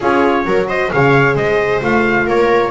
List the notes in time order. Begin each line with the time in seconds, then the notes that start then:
0.00 C#4 F4 G#4 C#5
0.45 F#3 F#4 A#4
0.68 C5 D#5
0.91 C#3 G#4 C#5 F5
1.35 G#3 C5 D#5
1.81 A3 F4 F5
2.26 A#3 A#4 C#5